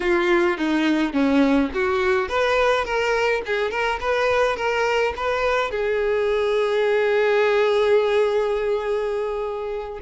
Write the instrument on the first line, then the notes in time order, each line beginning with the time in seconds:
violin
0.00 F4
0.57 D#4
1.13 C#4
1.73 F#4
2.28 B4
2.84 A#4
3.46 G#4
3.70 A#4
4.00 B4
4.56 A#4
5.16 B4
5.71 G#4